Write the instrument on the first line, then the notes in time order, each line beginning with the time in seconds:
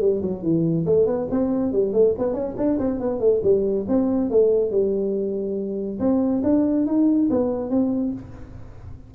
tuba
0.00 G3
0.22 F#3
0.42 E3
0.86 A3
1.06 B3
1.31 C4
1.72 G3
1.93 A3
2.18 B3
2.34 C#4
2.57 D4
2.79 C4
3.00 B3
3.20 A3
3.43 G3
3.88 C4
4.30 A3
4.71 G3
5.99 C4
6.43 D4
6.86 D#4
7.30 B3
7.70 C4